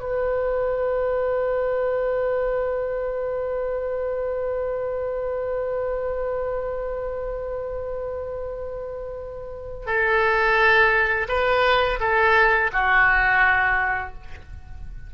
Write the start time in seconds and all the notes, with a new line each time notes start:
0.00 B4
9.86 A4
11.28 B4
12.00 A4
12.73 F#4